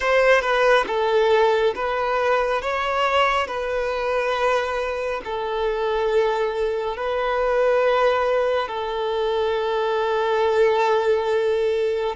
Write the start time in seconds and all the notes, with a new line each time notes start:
0.00 C5
0.41 B4
0.87 A4
1.75 B4
2.61 C#5
3.47 B4
5.24 A4
6.96 B4
8.68 A4